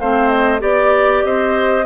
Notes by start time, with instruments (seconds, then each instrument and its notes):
0.00 bassoon A3, clarinet C4, oboe C5, flute F5
0.29 flute D#5
0.59 bassoon B3, clarinet G4, oboe D5, flute D5
1.24 bassoon C4, oboe C5, flute D#5